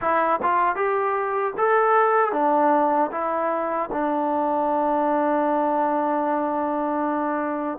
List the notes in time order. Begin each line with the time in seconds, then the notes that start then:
0.01 E4
0.42 F4
0.75 G4
1.57 A4
2.32 D4
3.11 E4
3.92 D4